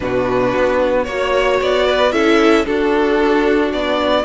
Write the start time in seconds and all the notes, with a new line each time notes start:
0.00 B2 D4 F#4 B4
0.55 B3
1.04 A#3 F#4 C#5
1.60 B3 D5
1.86 B4
2.12 C#4 E4 A4 E5
2.65 D4 F#4 A4
3.72 B3 D5